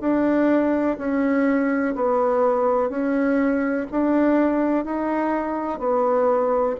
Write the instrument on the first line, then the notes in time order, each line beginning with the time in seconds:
bassoon
0.00 D4
0.98 C#4
1.95 B3
2.89 C#4
3.91 D4
4.84 D#4
5.79 B3